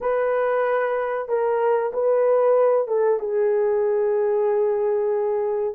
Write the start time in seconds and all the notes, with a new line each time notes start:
0.00 B4
1.28 A#4
1.93 B4
2.87 A4
3.19 G#4